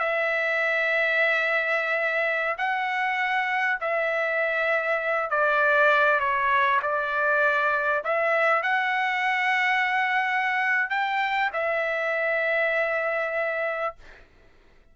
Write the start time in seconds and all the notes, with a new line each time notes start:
0.00 E5
2.58 F#5
3.81 E5
5.31 D5
6.20 C#5
6.83 D5
8.05 E5
8.63 F#5
10.90 G5
11.53 E5